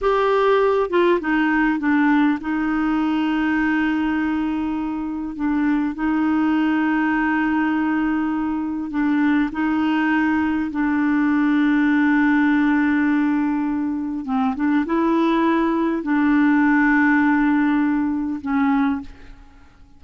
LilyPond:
\new Staff \with { instrumentName = "clarinet" } { \time 4/4 \tempo 4 = 101 g'4. f'8 dis'4 d'4 | dis'1~ | dis'4 d'4 dis'2~ | dis'2. d'4 |
dis'2 d'2~ | d'1 | c'8 d'8 e'2 d'4~ | d'2. cis'4 | }